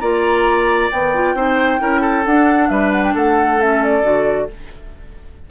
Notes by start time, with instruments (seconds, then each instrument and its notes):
0.00 bassoon A#3, clarinet F4, oboe D5, flute A#5
0.91 clarinet D#3, bassoon B3, flute G5
1.14 clarinet F4
1.34 bassoon C4, clarinet D#4, oboe C5
1.79 bassoon C#4, clarinet E4, oboe A#4
2.01 oboe A4
2.26 bassoon D4, clarinet D4, flute F#5
2.69 bassoon G3, oboe B4, flute E5
2.92 flute F#5
3.03 flute G5
3.14 bassoon A3, oboe A4, flute F#5
3.60 clarinet C#4, flute E5
3.83 flute D5
4.03 bassoon D3, clarinet F#4